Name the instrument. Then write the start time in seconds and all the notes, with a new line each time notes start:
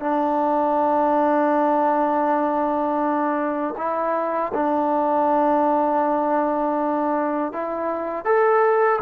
trombone
0.00 D4
3.78 E4
4.54 D4
7.53 E4
8.25 A4